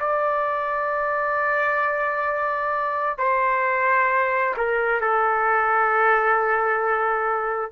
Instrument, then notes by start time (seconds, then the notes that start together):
trumpet
0.00 D5
3.18 C5
4.57 A#4
5.01 A4